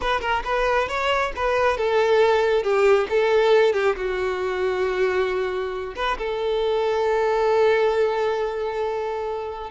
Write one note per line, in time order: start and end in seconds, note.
0.01 0.20 B4
0.20 0.43 A#4
0.44 0.88 B4
0.88 1.32 C#5
1.36 1.77 B4
1.77 2.63 A4
2.63 3.07 G4
3.09 3.73 A4
3.73 3.95 G4
3.96 5.94 F#4
5.95 6.17 B4
6.18 9.70 A4